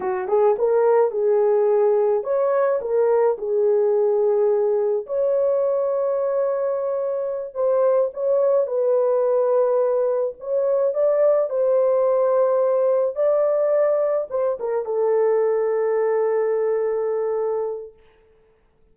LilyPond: \new Staff \with { instrumentName = "horn" } { \time 4/4 \tempo 4 = 107 fis'8 gis'8 ais'4 gis'2 | cis''4 ais'4 gis'2~ | gis'4 cis''2.~ | cis''4. c''4 cis''4 b'8~ |
b'2~ b'8 cis''4 d''8~ | d''8 c''2. d''8~ | d''4. c''8 ais'8 a'4.~ | a'1 | }